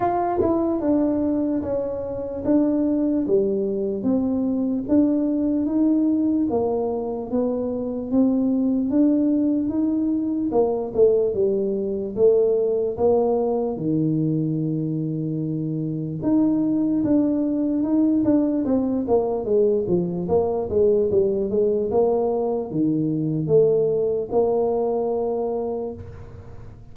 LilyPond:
\new Staff \with { instrumentName = "tuba" } { \time 4/4 \tempo 4 = 74 f'8 e'8 d'4 cis'4 d'4 | g4 c'4 d'4 dis'4 | ais4 b4 c'4 d'4 | dis'4 ais8 a8 g4 a4 |
ais4 dis2. | dis'4 d'4 dis'8 d'8 c'8 ais8 | gis8 f8 ais8 gis8 g8 gis8 ais4 | dis4 a4 ais2 | }